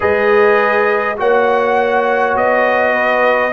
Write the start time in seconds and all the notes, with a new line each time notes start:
0.00 G#3 G#4 B4 D#5
1.16 A#3 F#4 C#5 F#5
2.35 B3 D#5
2.93 B4